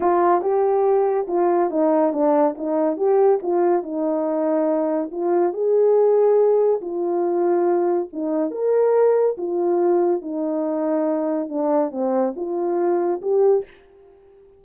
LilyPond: \new Staff \with { instrumentName = "horn" } { \time 4/4 \tempo 4 = 141 f'4 g'2 f'4 | dis'4 d'4 dis'4 g'4 | f'4 dis'2. | f'4 gis'2. |
f'2. dis'4 | ais'2 f'2 | dis'2. d'4 | c'4 f'2 g'4 | }